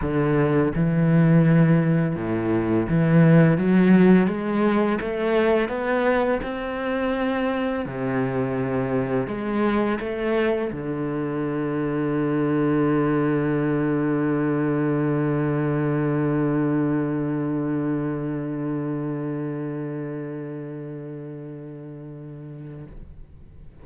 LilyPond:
\new Staff \with { instrumentName = "cello" } { \time 4/4 \tempo 4 = 84 d4 e2 a,4 | e4 fis4 gis4 a4 | b4 c'2 c4~ | c4 gis4 a4 d4~ |
d1~ | d1~ | d1~ | d1 | }